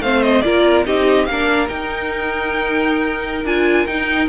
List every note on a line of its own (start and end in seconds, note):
0.00 0.42 A3
0.00 0.44 C4
0.00 0.45 C5
0.00 0.23 F5
0.23 0.42 D#5
0.42 0.87 A#3
0.42 0.86 F4
0.42 0.87 A#4
0.42 0.83 D5
0.86 1.28 C4
0.86 1.27 D#4
0.86 1.29 G4
0.86 1.26 D#5
1.26 1.70 A#3
1.26 1.69 D4
1.26 4.29 A#4
1.26 1.68 F5
1.69 3.46 D#4
1.69 3.45 D#4
1.69 3.46 G5
3.45 3.86 D4
3.45 3.87 F4
3.45 3.87 G#5
3.87 4.29 D#4
3.87 4.29 G5